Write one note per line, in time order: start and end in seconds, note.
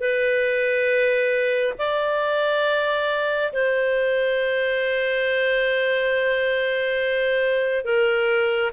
0.00 1.74 B4
1.78 3.52 D5
3.53 7.85 C5
7.85 8.72 A#4